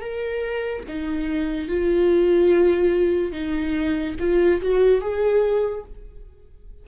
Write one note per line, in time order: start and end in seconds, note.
0.00 0.83 A#4
0.88 1.68 D#4
1.68 3.32 F4
3.32 4.16 D#4
4.19 4.61 F4
4.61 5.01 F#4
5.01 5.84 G#4